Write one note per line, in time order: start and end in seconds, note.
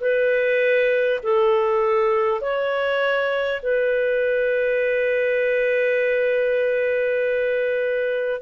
0.00 1.20 B4
1.23 2.41 A4
2.41 3.61 C#5
3.62 8.41 B4